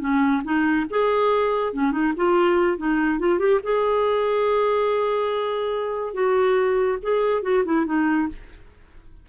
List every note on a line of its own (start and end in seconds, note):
0.00 0.42 C#4
0.44 0.86 D#4
0.90 1.73 G#4
1.73 1.92 C#4
1.92 2.13 D#4
2.16 2.78 F4
2.78 3.19 D#4
3.19 3.39 F4
3.39 3.60 G4
3.63 6.13 G#4
6.13 6.98 F#4
7.02 7.42 G#4
7.42 7.63 F#4
7.65 7.86 E4
7.86 8.28 D#4